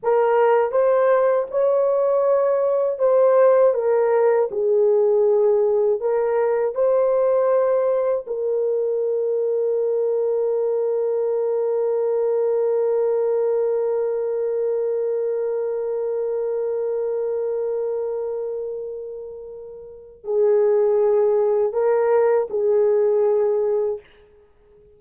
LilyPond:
\new Staff \with { instrumentName = "horn" } { \time 4/4 \tempo 4 = 80 ais'4 c''4 cis''2 | c''4 ais'4 gis'2 | ais'4 c''2 ais'4~ | ais'1~ |
ais'1~ | ais'1~ | ais'2. gis'4~ | gis'4 ais'4 gis'2 | }